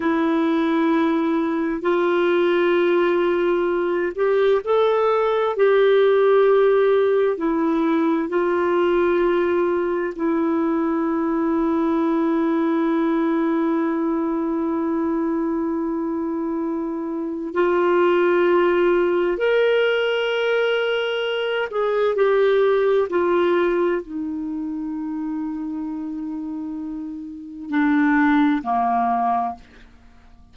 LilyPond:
\new Staff \with { instrumentName = "clarinet" } { \time 4/4 \tempo 4 = 65 e'2 f'2~ | f'8 g'8 a'4 g'2 | e'4 f'2 e'4~ | e'1~ |
e'2. f'4~ | f'4 ais'2~ ais'8 gis'8 | g'4 f'4 dis'2~ | dis'2 d'4 ais4 | }